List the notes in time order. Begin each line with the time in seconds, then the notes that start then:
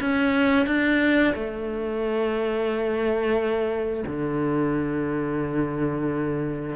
0.00 C#4
0.66 D4
1.34 A3
4.06 D3